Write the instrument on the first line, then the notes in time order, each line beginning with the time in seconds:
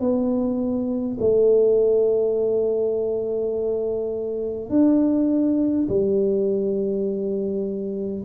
tuba
0.00 B3
1.20 A3
4.70 D4
5.89 G3